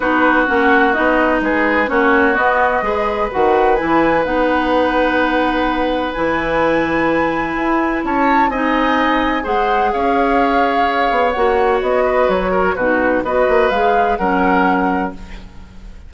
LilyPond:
<<
  \new Staff \with { instrumentName = "flute" } { \time 4/4 \tempo 4 = 127 b'4 fis''4 dis''4 b'4 | cis''4 dis''2 fis''4 | gis''4 fis''2.~ | fis''4 gis''2.~ |
gis''4 a''4 gis''2 | fis''4 f''2. | fis''4 dis''4 cis''4 b'4 | dis''4 f''4 fis''2 | }
  \new Staff \with { instrumentName = "oboe" } { \time 4/4 fis'2. gis'4 | fis'2 b'2~ | b'1~ | b'1~ |
b'4 cis''4 dis''2 | c''4 cis''2.~ | cis''4. b'4 ais'8 fis'4 | b'2 ais'2 | }
  \new Staff \with { instrumentName = "clarinet" } { \time 4/4 dis'4 cis'4 dis'2 | cis'4 b4 gis'4 fis'4 | e'4 dis'2.~ | dis'4 e'2.~ |
e'2 dis'2 | gis'1 | fis'2. dis'4 | fis'4 gis'4 cis'2 | }
  \new Staff \with { instrumentName = "bassoon" } { \time 4/4 b4 ais4 b4 gis4 | ais4 b4 gis4 dis4 | e4 b2.~ | b4 e2. |
e'4 cis'4 c'2 | gis4 cis'2~ cis'8 b8 | ais4 b4 fis4 b,4 | b8 ais8 gis4 fis2 | }
>>